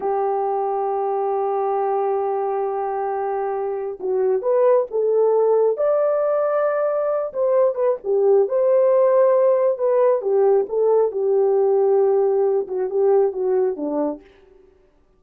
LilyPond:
\new Staff \with { instrumentName = "horn" } { \time 4/4 \tempo 4 = 135 g'1~ | g'1~ | g'4 fis'4 b'4 a'4~ | a'4 d''2.~ |
d''8 c''4 b'8 g'4 c''4~ | c''2 b'4 g'4 | a'4 g'2.~ | g'8 fis'8 g'4 fis'4 d'4 | }